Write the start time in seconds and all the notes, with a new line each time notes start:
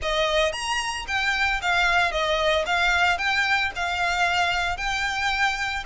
0.02 D#5
0.52 A#5
1.07 G5
1.61 F5
2.11 D#5
2.65 F5
3.18 G5
3.75 F5
4.77 G5